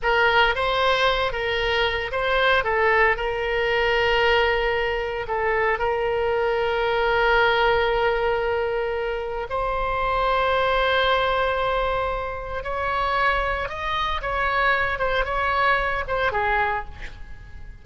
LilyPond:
\new Staff \with { instrumentName = "oboe" } { \time 4/4 \tempo 4 = 114 ais'4 c''4. ais'4. | c''4 a'4 ais'2~ | ais'2 a'4 ais'4~ | ais'1~ |
ais'2 c''2~ | c''1 | cis''2 dis''4 cis''4~ | cis''8 c''8 cis''4. c''8 gis'4 | }